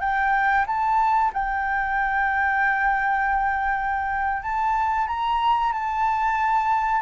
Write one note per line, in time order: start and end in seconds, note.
0.00 0.65 G5
0.67 1.32 A5
1.33 4.42 G5
4.42 5.07 A5
5.07 5.72 A#5
5.73 7.02 A5